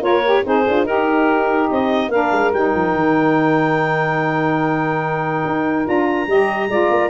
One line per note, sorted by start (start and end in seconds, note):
0.00 0.42 A#3
0.00 0.22 F4
0.00 0.43 A#4
0.00 0.45 C#5
0.26 0.44 G4
0.43 0.66 C4
0.43 0.64 D#4
0.43 0.85 G#4
0.43 0.86 C5
0.66 0.83 D4
0.66 0.86 F4
0.83 1.67 D#4
0.83 2.10 D#4
0.83 2.11 G4
0.83 1.69 A#4
1.70 2.08 C4
1.70 2.10 D#5
2.08 2.29 A#3
2.08 2.53 D4
2.08 6.28 A#4
2.08 2.52 F5
2.31 2.52 G#3
2.53 2.73 G3
2.53 5.84 D#4
2.53 5.86 G5
2.74 2.94 F3
2.94 5.44 D#3
5.45 5.87 D#4
5.84 6.26 D4
5.84 6.26 F4
5.84 7.09 A#5
6.26 6.68 G3
6.26 6.70 G4
6.26 6.68 D#5
6.68 6.88 G#3
6.68 7.09 F4
6.68 7.09 D5
6.90 7.09 A#3